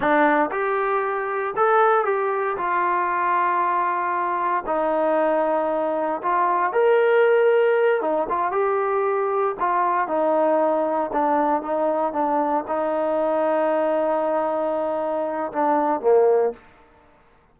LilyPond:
\new Staff \with { instrumentName = "trombone" } { \time 4/4 \tempo 4 = 116 d'4 g'2 a'4 | g'4 f'2.~ | f'4 dis'2. | f'4 ais'2~ ais'8 dis'8 |
f'8 g'2 f'4 dis'8~ | dis'4. d'4 dis'4 d'8~ | d'8 dis'2.~ dis'8~ | dis'2 d'4 ais4 | }